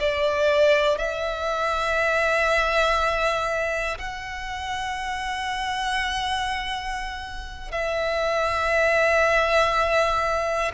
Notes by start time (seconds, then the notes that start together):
0.00 D5
0.98 E5
3.99 F#5
7.72 E5